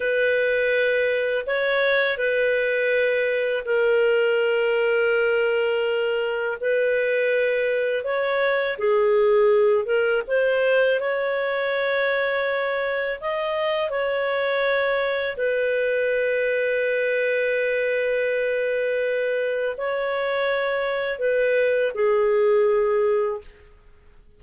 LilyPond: \new Staff \with { instrumentName = "clarinet" } { \time 4/4 \tempo 4 = 82 b'2 cis''4 b'4~ | b'4 ais'2.~ | ais'4 b'2 cis''4 | gis'4. ais'8 c''4 cis''4~ |
cis''2 dis''4 cis''4~ | cis''4 b'2.~ | b'2. cis''4~ | cis''4 b'4 gis'2 | }